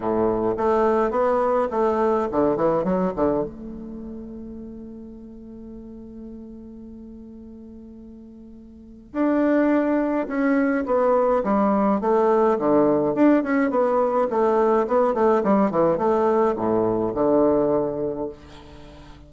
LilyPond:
\new Staff \with { instrumentName = "bassoon" } { \time 4/4 \tempo 4 = 105 a,4 a4 b4 a4 | d8 e8 fis8 d8 a2~ | a1~ | a1 |
d'2 cis'4 b4 | g4 a4 d4 d'8 cis'8 | b4 a4 b8 a8 g8 e8 | a4 a,4 d2 | }